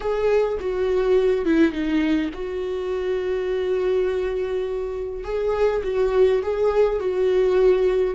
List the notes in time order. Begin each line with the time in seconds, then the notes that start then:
0.00 G#4
0.60 F#4
1.45 E4
1.72 D#4
2.33 F#4
5.24 G#4
5.83 F#4
6.42 G#4
6.99 F#4